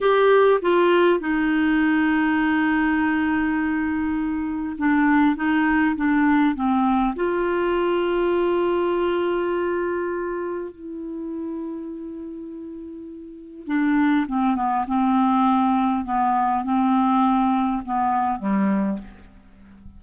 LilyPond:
\new Staff \with { instrumentName = "clarinet" } { \time 4/4 \tempo 4 = 101 g'4 f'4 dis'2~ | dis'1 | d'4 dis'4 d'4 c'4 | f'1~ |
f'2 e'2~ | e'2. d'4 | c'8 b8 c'2 b4 | c'2 b4 g4 | }